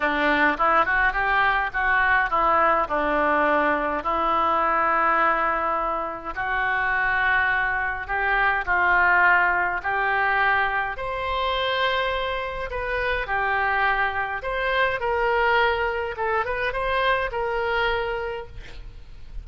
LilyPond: \new Staff \with { instrumentName = "oboe" } { \time 4/4 \tempo 4 = 104 d'4 e'8 fis'8 g'4 fis'4 | e'4 d'2 e'4~ | e'2. fis'4~ | fis'2 g'4 f'4~ |
f'4 g'2 c''4~ | c''2 b'4 g'4~ | g'4 c''4 ais'2 | a'8 b'8 c''4 ais'2 | }